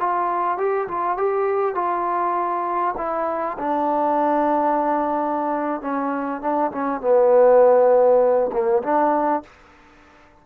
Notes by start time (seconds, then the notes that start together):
0.00 F4
0.58 G4
0.88 F4
1.18 G4
1.75 F4
2.98 E4
3.59 D4
5.81 C#4
6.42 D4
6.72 C#4
7.01 B3
8.53 A#3
8.83 D4